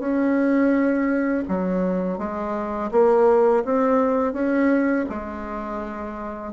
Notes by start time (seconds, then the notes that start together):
0.00 C#4
1.49 F#3
2.19 G#3
2.92 A#3
3.65 C4
4.33 C#4
5.10 G#3